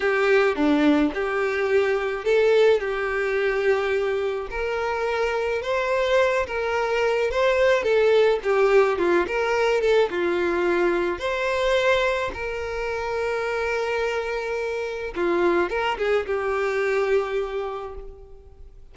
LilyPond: \new Staff \with { instrumentName = "violin" } { \time 4/4 \tempo 4 = 107 g'4 d'4 g'2 | a'4 g'2. | ais'2 c''4. ais'8~ | ais'4 c''4 a'4 g'4 |
f'8 ais'4 a'8 f'2 | c''2 ais'2~ | ais'2. f'4 | ais'8 gis'8 g'2. | }